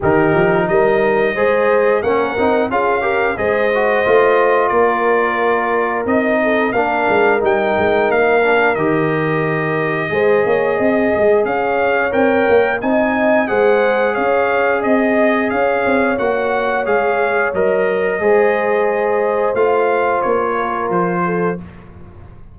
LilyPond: <<
  \new Staff \with { instrumentName = "trumpet" } { \time 4/4 \tempo 4 = 89 ais'4 dis''2 fis''4 | f''4 dis''2 d''4~ | d''4 dis''4 f''4 g''4 | f''4 dis''2.~ |
dis''4 f''4 g''4 gis''4 | fis''4 f''4 dis''4 f''4 | fis''4 f''4 dis''2~ | dis''4 f''4 cis''4 c''4 | }
  \new Staff \with { instrumentName = "horn" } { \time 4/4 g'4 ais'4 c''4 ais'4 | gis'8 ais'8 c''2 ais'4~ | ais'4. a'8 ais'2~ | ais'2. c''8 cis''8 |
dis''4 cis''2 dis''4 | c''4 cis''4 dis''4 cis''4~ | cis''2. c''4~ | c''2~ c''8 ais'4 a'8 | }
  \new Staff \with { instrumentName = "trombone" } { \time 4/4 dis'2 gis'4 cis'8 dis'8 | f'8 g'8 gis'8 fis'8 f'2~ | f'4 dis'4 d'4 dis'4~ | dis'8 d'8 g'2 gis'4~ |
gis'2 ais'4 dis'4 | gis'1 | fis'4 gis'4 ais'4 gis'4~ | gis'4 f'2. | }
  \new Staff \with { instrumentName = "tuba" } { \time 4/4 dis8 f8 g4 gis4 ais8 c'8 | cis'4 gis4 a4 ais4~ | ais4 c'4 ais8 gis8 g8 gis8 | ais4 dis2 gis8 ais8 |
c'8 gis8 cis'4 c'8 ais8 c'4 | gis4 cis'4 c'4 cis'8 c'8 | ais4 gis4 fis4 gis4~ | gis4 a4 ais4 f4 | }
>>